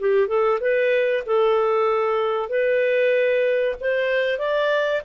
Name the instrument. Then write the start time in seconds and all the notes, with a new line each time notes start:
clarinet
0.00 G4
0.28 A4
0.61 B4
1.26 A4
2.49 B4
3.80 C5
4.39 D5